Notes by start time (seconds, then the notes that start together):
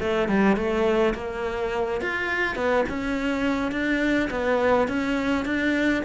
0.00 A3
0.29 G3
0.56 A3
1.15 A#3
2.01 F4
2.56 B3
2.89 C#4
3.72 D4
4.31 B3
4.88 C#4
5.45 D4